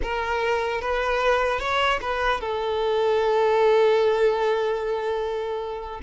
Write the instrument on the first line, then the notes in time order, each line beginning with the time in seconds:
violin
0.02 A#4
0.81 B4
1.59 C#5
2.01 B4
2.41 A4